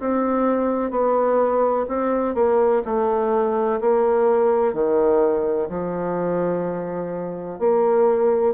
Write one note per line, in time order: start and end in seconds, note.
0.00 0.91 C4
0.91 1.86 B3
1.88 2.35 C4
2.35 2.83 A#3
2.85 3.81 A3
3.81 4.74 A#3
4.74 5.69 D#3
5.69 7.59 F3
7.59 8.55 A#3